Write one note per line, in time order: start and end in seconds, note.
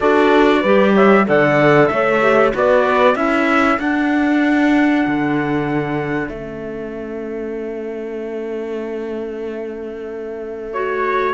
0.00 0.64 D4
0.00 0.63 F#4
0.00 0.60 A4
0.00 0.95 D5
0.60 1.27 G3
0.60 1.25 G4
0.60 0.92 B4
0.94 1.25 C#5
0.94 1.27 E5
1.25 1.90 D3
1.25 2.20 A4
1.25 1.91 D5
1.25 1.87 F#5
1.87 2.53 A3
1.87 2.55 C#5
1.87 2.50 E5
2.21 2.52 G4
2.52 3.15 B3
2.52 3.15 F#4
2.52 3.16 B4
2.52 3.16 D5
3.15 3.78 C#4
3.15 3.78 E4
3.15 11.34 A4
3.15 3.79 E5
3.79 5.05 D4
3.79 6.32 D4
3.79 6.31 F#5
5.06 6.29 D3
6.29 11.34 A3
6.29 10.73 C#4
6.29 10.72 E5
10.72 11.34 F#4
10.72 11.34 C#5